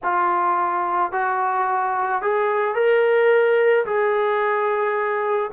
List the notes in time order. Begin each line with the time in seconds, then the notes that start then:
0.03 F4
1.12 F#4
2.22 G#4
2.74 A#4
3.85 G#4